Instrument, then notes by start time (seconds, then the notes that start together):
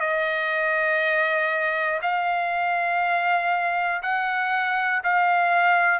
trumpet
0.00 D#5
2.02 F5
4.02 F#5
5.03 F5